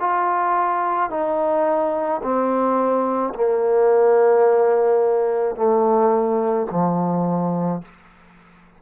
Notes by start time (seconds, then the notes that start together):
0.00 F4
1.10 D#4
2.22 C4
3.34 A#3
5.56 A3
6.71 F3